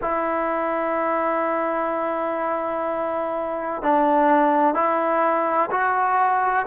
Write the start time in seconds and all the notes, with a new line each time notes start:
0.01 E4
3.82 D4
4.74 E4
5.70 F#4